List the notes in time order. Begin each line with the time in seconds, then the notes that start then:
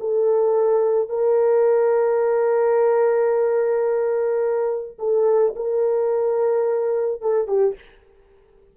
0.00 A4
1.09 A#4
4.99 A4
5.56 A#4
7.22 A4
7.47 G4